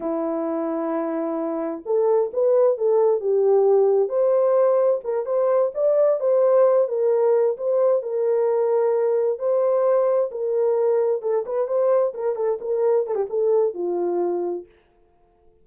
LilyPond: \new Staff \with { instrumentName = "horn" } { \time 4/4 \tempo 4 = 131 e'1 | a'4 b'4 a'4 g'4~ | g'4 c''2 ais'8 c''8~ | c''8 d''4 c''4. ais'4~ |
ais'8 c''4 ais'2~ ais'8~ | ais'8 c''2 ais'4.~ | ais'8 a'8 b'8 c''4 ais'8 a'8 ais'8~ | ais'8 a'16 g'16 a'4 f'2 | }